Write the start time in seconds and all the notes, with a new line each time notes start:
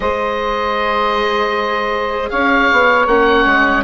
0.00 G#3 G#4 C5 D#5
2.30 C#4 C#5 F5
2.71 B3
3.06 A#3 C#4 F#5
3.45 G#3